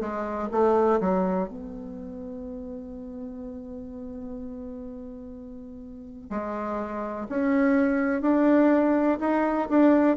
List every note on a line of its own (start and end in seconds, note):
0.00 0.48 G#3
0.51 0.99 A3
1.00 1.48 F#3
1.48 6.30 B3
6.30 7.27 G#3
7.29 8.21 C#4
8.21 9.18 D4
9.20 9.68 D#4
9.69 10.17 D4